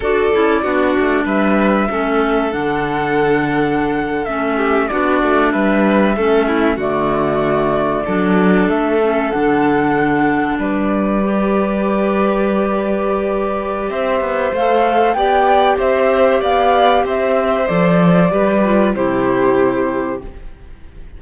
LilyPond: <<
  \new Staff \with { instrumentName = "flute" } { \time 4/4 \tempo 4 = 95 d''2 e''2 | fis''2~ fis''8. e''4 d''16~ | d''8. e''2 d''4~ d''16~ | d''4.~ d''16 e''4 fis''4~ fis''16~ |
fis''8. d''2.~ d''16~ | d''2 e''4 f''4 | g''4 e''4 f''4 e''4 | d''2 c''2 | }
  \new Staff \with { instrumentName = "violin" } { \time 4/4 a'4 fis'4 b'4 a'4~ | a'2.~ a'16 g'8 fis'16~ | fis'8. b'4 a'8 e'8 fis'4~ fis'16~ | fis'8. a'2.~ a'16~ |
a'8. b'2.~ b'16~ | b'2 c''2 | d''4 c''4 d''4 c''4~ | c''4 b'4 g'2 | }
  \new Staff \with { instrumentName = "clarinet" } { \time 4/4 fis'8 e'8 d'2 cis'4 | d'2~ d'8. cis'4 d'16~ | d'4.~ d'16 cis'4 a4~ a16~ | a8. d'4. cis'8 d'4~ d'16~ |
d'4.~ d'16 g'2~ g'16~ | g'2. a'4 | g'1 | a'4 g'8 f'8 e'2 | }
  \new Staff \with { instrumentName = "cello" } { \time 4/4 d'8 cis'8 b8 a8 g4 a4 | d2~ d8. a4 b16~ | b16 a8 g4 a4 d4~ d16~ | d8. fis4 a4 d4~ d16~ |
d8. g2.~ g16~ | g2 c'8 b8 a4 | b4 c'4 b4 c'4 | f4 g4 c2 | }
>>